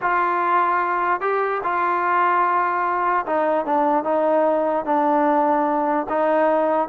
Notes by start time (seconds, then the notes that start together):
0.01 F4
1.20 G4
1.63 F4
3.26 D#4
3.65 D4
4.04 D#4
4.85 D4
6.09 D#4